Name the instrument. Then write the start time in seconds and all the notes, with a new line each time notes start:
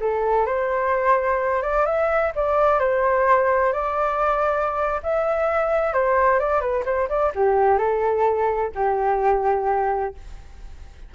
flute
0.00 A4
0.46 C5
1.62 D5
1.86 E5
2.35 D5
2.79 C5
3.73 D5
5.03 E5
5.93 C5
6.39 D5
6.60 B4
6.85 C5
7.09 D5
7.35 G4
7.78 A4
8.75 G4